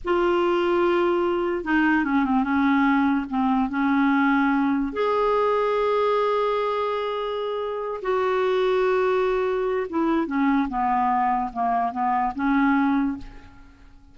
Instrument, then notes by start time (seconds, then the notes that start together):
clarinet
0.04 F4
1.64 D#4
2.04 C#4
2.25 C4
2.43 C#4
3.29 C4
3.69 C#4
4.92 G#4
8.02 F#4
9.89 E4
10.26 C#4
10.68 B3
11.53 A#3
11.91 B3
12.35 C#4